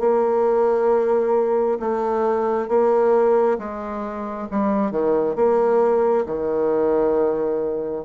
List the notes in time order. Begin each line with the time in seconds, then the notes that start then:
0.00 A#3
1.80 A3
2.69 A#3
3.59 G#3
4.51 G3
4.92 D#3
5.36 A#3
6.26 D#3